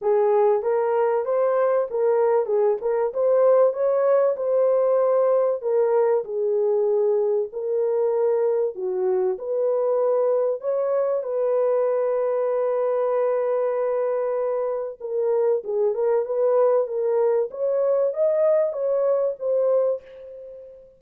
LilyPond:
\new Staff \with { instrumentName = "horn" } { \time 4/4 \tempo 4 = 96 gis'4 ais'4 c''4 ais'4 | gis'8 ais'8 c''4 cis''4 c''4~ | c''4 ais'4 gis'2 | ais'2 fis'4 b'4~ |
b'4 cis''4 b'2~ | b'1 | ais'4 gis'8 ais'8 b'4 ais'4 | cis''4 dis''4 cis''4 c''4 | }